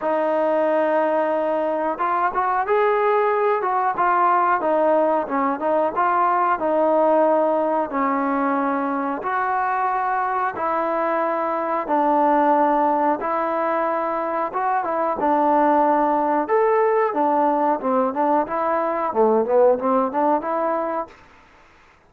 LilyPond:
\new Staff \with { instrumentName = "trombone" } { \time 4/4 \tempo 4 = 91 dis'2. f'8 fis'8 | gis'4. fis'8 f'4 dis'4 | cis'8 dis'8 f'4 dis'2 | cis'2 fis'2 |
e'2 d'2 | e'2 fis'8 e'8 d'4~ | d'4 a'4 d'4 c'8 d'8 | e'4 a8 b8 c'8 d'8 e'4 | }